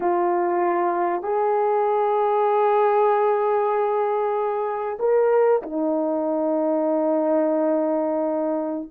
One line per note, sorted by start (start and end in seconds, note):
0.00 1.22 F4
1.22 4.97 G#4
4.99 5.61 A#4
5.62 8.90 D#4